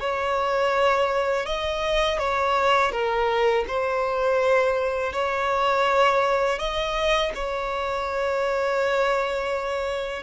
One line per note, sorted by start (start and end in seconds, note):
0.00 1.46 C#5
1.46 2.19 D#5
2.19 2.91 C#5
2.91 3.65 A#4
3.68 5.13 C5
5.13 6.59 C#5
6.59 7.32 D#5
7.35 10.23 C#5